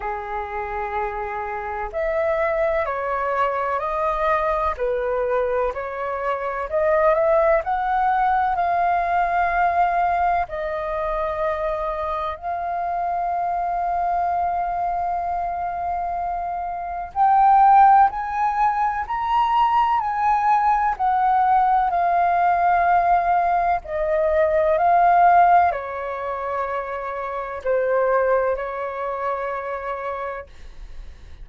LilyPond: \new Staff \with { instrumentName = "flute" } { \time 4/4 \tempo 4 = 63 gis'2 e''4 cis''4 | dis''4 b'4 cis''4 dis''8 e''8 | fis''4 f''2 dis''4~ | dis''4 f''2.~ |
f''2 g''4 gis''4 | ais''4 gis''4 fis''4 f''4~ | f''4 dis''4 f''4 cis''4~ | cis''4 c''4 cis''2 | }